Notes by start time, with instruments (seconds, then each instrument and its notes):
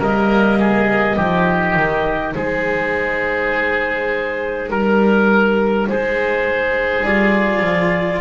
0.00 double bass G3, cello A#3, oboe A#4, clarinet D#5
0.60 oboe G#4
1.17 double bass F3, cello D#4, oboe G4
1.76 double bass D#3
2.34 double bass G#3, oboe G#4, clarinet C5
4.70 double bass G3, clarinet A#4, oboe A#4
5.89 double bass G#3, oboe G#4, clarinet C5
7.05 double bass G3, cello F4, clarinet D5
7.61 double bass F3